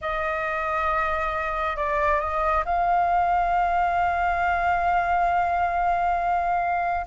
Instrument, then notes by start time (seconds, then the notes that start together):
flute
0.01 D#5
1.76 D5
2.20 D#5
2.65 F5